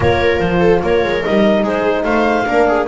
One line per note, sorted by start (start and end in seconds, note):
0.00 0.39 A#3
0.00 1.22 F4
0.00 0.59 A#4
0.00 0.40 C#5
0.40 0.81 F3
0.40 0.81 C5
0.59 0.80 A4
0.83 1.03 A#3
0.83 1.62 A#4
0.83 1.24 C#5
1.03 1.24 G#3
1.24 1.63 G3
1.24 2.46 D#4
1.24 1.65 D#5
1.62 2.04 G#3
1.62 2.04 G#4
1.62 2.03 C5
2.03 2.45 A3
2.03 2.46 C5
2.03 2.85 F5
2.46 2.87 A#3
2.46 2.87 D4
2.46 2.67 A#4
2.67 2.87 G#4